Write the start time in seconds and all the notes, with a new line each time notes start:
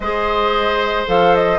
0.00 G#3 G#4 C5 D#5
1.06 F3 A4 F5
1.35 D#5